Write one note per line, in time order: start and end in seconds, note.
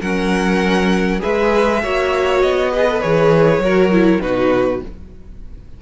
0.00 1.20 F#3
0.00 1.19 C#4
0.00 1.20 A#4
0.00 1.21 F#5
1.19 1.84 G#3
1.19 1.79 G#4
1.19 1.81 B4
1.19 2.42 E5
1.82 2.43 A#3
1.82 2.72 F#4
1.82 2.72 C#5
2.42 3.03 B3
2.42 3.01 D#5
2.72 2.87 G#4
2.72 3.62 B4
2.89 3.01 A4
3.01 3.58 E3
3.01 3.61 G#4
3.01 4.21 C#5
3.58 4.18 F#3
3.58 3.91 F#4
3.58 4.22 A#4
3.91 4.21 E4
4.21 4.82 B2
4.21 4.82 D#4
4.21 4.82 F#4
4.21 4.81 B4